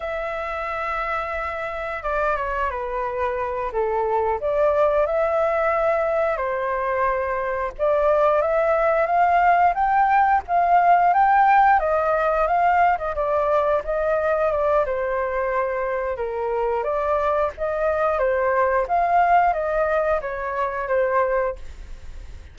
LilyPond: \new Staff \with { instrumentName = "flute" } { \time 4/4 \tempo 4 = 89 e''2. d''8 cis''8 | b'4. a'4 d''4 e''8~ | e''4. c''2 d''8~ | d''8 e''4 f''4 g''4 f''8~ |
f''8 g''4 dis''4 f''8. dis''16 d''8~ | d''8 dis''4 d''8 c''2 | ais'4 d''4 dis''4 c''4 | f''4 dis''4 cis''4 c''4 | }